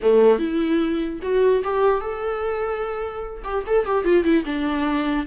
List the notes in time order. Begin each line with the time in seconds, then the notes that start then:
0.01 A3
0.39 E4
1.22 F#4
1.64 G4
2.00 A4
3.43 G4
3.67 A4
3.85 G4
4.04 F4
4.23 E4
4.45 D4